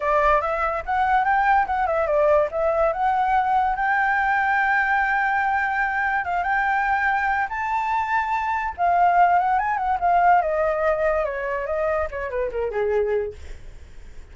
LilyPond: \new Staff \with { instrumentName = "flute" } { \time 4/4 \tempo 4 = 144 d''4 e''4 fis''4 g''4 | fis''8 e''8 d''4 e''4 fis''4~ | fis''4 g''2.~ | g''2. f''8 g''8~ |
g''2 a''2~ | a''4 f''4. fis''8 gis''8 fis''8 | f''4 dis''2 cis''4 | dis''4 cis''8 b'8 ais'8 gis'4. | }